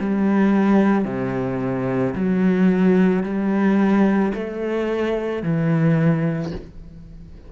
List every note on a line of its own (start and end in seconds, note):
0.00 1.05 G3
1.05 2.14 C3
2.15 3.24 F#3
3.24 4.33 G3
4.34 5.43 A3
5.43 6.52 E3